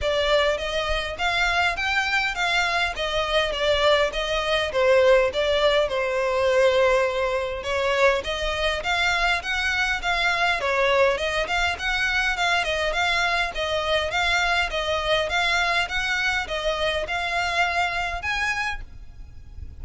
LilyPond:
\new Staff \with { instrumentName = "violin" } { \time 4/4 \tempo 4 = 102 d''4 dis''4 f''4 g''4 | f''4 dis''4 d''4 dis''4 | c''4 d''4 c''2~ | c''4 cis''4 dis''4 f''4 |
fis''4 f''4 cis''4 dis''8 f''8 | fis''4 f''8 dis''8 f''4 dis''4 | f''4 dis''4 f''4 fis''4 | dis''4 f''2 gis''4 | }